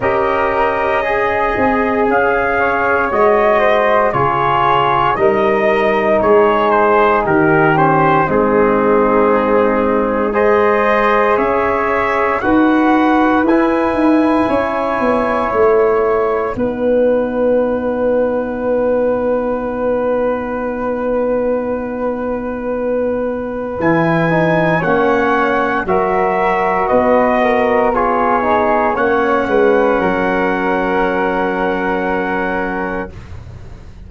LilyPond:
<<
  \new Staff \with { instrumentName = "trumpet" } { \time 4/4 \tempo 4 = 58 dis''2 f''4 dis''4 | cis''4 dis''4 cis''8 c''8 ais'8 c''8 | gis'2 dis''4 e''4 | fis''4 gis''2 fis''4~ |
fis''1~ | fis''2. gis''4 | fis''4 e''4 dis''4 cis''4 | fis''1 | }
  \new Staff \with { instrumentName = "flute" } { \time 4/4 ais'4 gis'4. cis''4 c''8 | gis'4 ais'4 gis'4 g'4 | dis'2 c''4 cis''4 | b'2 cis''2 |
b'1~ | b'1 | cis''4 ais'4 b'8 ais'8 gis'4 | cis''8 b'8 ais'2. | }
  \new Staff \with { instrumentName = "trombone" } { \time 4/4 g'4 gis'2 fis'4 | f'4 dis'2~ dis'8 cis'8 | c'2 gis'2 | fis'4 e'2. |
dis'1~ | dis'2. e'8 dis'8 | cis'4 fis'2 f'8 dis'8 | cis'1 | }
  \new Staff \with { instrumentName = "tuba" } { \time 4/4 cis'4. c'8 cis'4 gis4 | cis4 g4 gis4 dis4 | gis2. cis'4 | dis'4 e'8 dis'8 cis'8 b8 a4 |
b1~ | b2. e4 | ais4 fis4 b2 | ais8 gis8 fis2. | }
>>